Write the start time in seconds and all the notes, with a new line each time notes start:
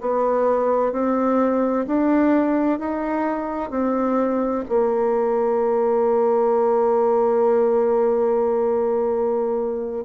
0.00 B3
0.92 C4
1.87 D4
2.79 D#4
3.70 C4
4.68 A#3